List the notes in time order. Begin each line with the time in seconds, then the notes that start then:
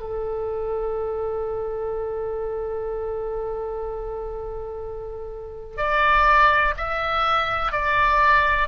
0.00 A4
5.78 D5
6.77 E5
7.72 D5